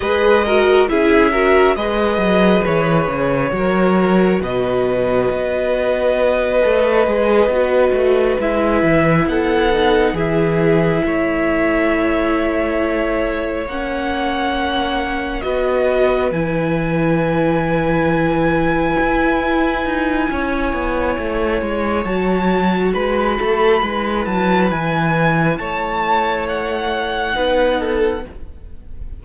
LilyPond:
<<
  \new Staff \with { instrumentName = "violin" } { \time 4/4 \tempo 4 = 68 dis''4 e''4 dis''4 cis''4~ | cis''4 dis''2.~ | dis''4. e''4 fis''4 e''8~ | e''2.~ e''8 fis''8~ |
fis''4. dis''4 gis''4.~ | gis''1~ | gis''4 a''4 b''4. a''8 | gis''4 a''4 fis''2 | }
  \new Staff \with { instrumentName = "violin" } { \time 4/4 b'8 ais'8 gis'8 ais'8 b'2 | ais'4 b'2.~ | b'2~ b'8 a'4 gis'8~ | gis'8 cis''2.~ cis''8~ |
cis''4. b'2~ b'8~ | b'2. cis''4~ | cis''2 b'8 a'8 b'4~ | b'4 cis''2 b'8 a'8 | }
  \new Staff \with { instrumentName = "viola" } { \time 4/4 gis'8 fis'8 e'8 fis'8 gis'2 | fis'2.~ fis'8 a'8 | gis'8 fis'4 e'4. dis'8 e'8~ | e'2.~ e'8 cis'8~ |
cis'4. fis'4 e'4.~ | e'1~ | e'4 fis'2 e'4~ | e'2. dis'4 | }
  \new Staff \with { instrumentName = "cello" } { \time 4/4 gis4 cis'4 gis8 fis8 e8 cis8 | fis4 b,4 b4. a8 | gis8 b8 a8 gis8 e8 b4 e8~ | e8 a2. ais8~ |
ais4. b4 e4.~ | e4. e'4 dis'8 cis'8 b8 | a8 gis8 fis4 gis8 a8 gis8 fis8 | e4 a2 b4 | }
>>